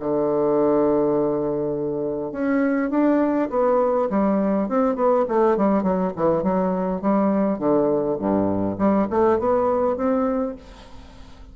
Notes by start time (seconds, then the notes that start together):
0.00 D3
2.32 C#4
2.90 D4
3.50 B3
4.10 G3
4.69 C4
4.96 B3
5.29 A3
5.57 G3
5.83 F#3
6.17 E3
6.43 F#3
7.02 G3
7.59 D3
8.19 G2
8.79 G3
9.11 A3
9.40 B3
9.97 C4